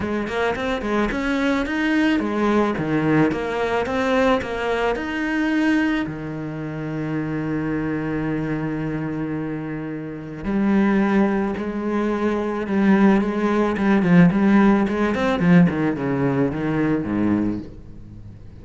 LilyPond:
\new Staff \with { instrumentName = "cello" } { \time 4/4 \tempo 4 = 109 gis8 ais8 c'8 gis8 cis'4 dis'4 | gis4 dis4 ais4 c'4 | ais4 dis'2 dis4~ | dis1~ |
dis2. g4~ | g4 gis2 g4 | gis4 g8 f8 g4 gis8 c'8 | f8 dis8 cis4 dis4 gis,4 | }